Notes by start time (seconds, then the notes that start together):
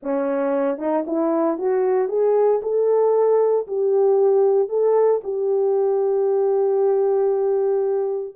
0.03 C#4
0.78 D#4
1.06 E4
1.58 F#4
2.08 G#4
2.62 A4
3.67 G4
4.68 A4
5.23 G4